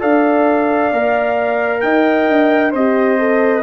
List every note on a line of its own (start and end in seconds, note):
0.00 0.92 D4
0.00 0.91 A4
0.00 1.82 D5
0.00 1.81 F5
0.92 1.83 A#3
0.92 2.72 A#4
1.81 2.28 D#4
1.81 2.74 D#5
1.81 2.72 G5
2.28 2.74 D4
2.72 3.63 C4
2.72 3.19 G4
2.72 3.62 C5
2.72 3.63 D#5
3.19 3.63 A4